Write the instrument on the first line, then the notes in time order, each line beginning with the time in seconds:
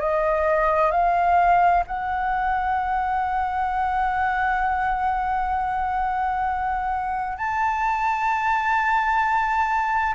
flute
0.00 D#5
0.91 F5
1.87 F#5
7.38 A5